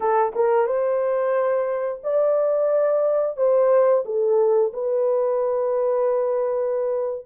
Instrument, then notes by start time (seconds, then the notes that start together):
horn
0.00 A4
0.35 A#4
0.66 C5
2.03 D5
3.36 C5
4.04 A4
4.73 B4